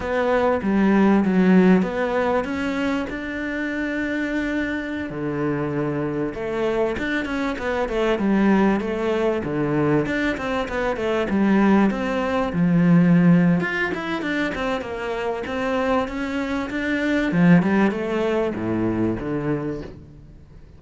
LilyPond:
\new Staff \with { instrumentName = "cello" } { \time 4/4 \tempo 4 = 97 b4 g4 fis4 b4 | cis'4 d'2.~ | d'16 d2 a4 d'8 cis'16~ | cis'16 b8 a8 g4 a4 d8.~ |
d16 d'8 c'8 b8 a8 g4 c'8.~ | c'16 f4.~ f16 f'8 e'8 d'8 c'8 | ais4 c'4 cis'4 d'4 | f8 g8 a4 a,4 d4 | }